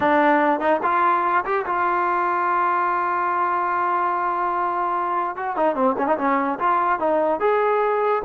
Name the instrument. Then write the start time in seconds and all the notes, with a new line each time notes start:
trombone
0.00 D4
0.59 D#4
0.82 F4
1.45 G4
1.66 F4
5.36 F#4
5.56 D#4
5.75 C4
5.97 C#4
6.07 D#4
6.17 C#4
6.59 F4
6.99 D#4
7.40 G#4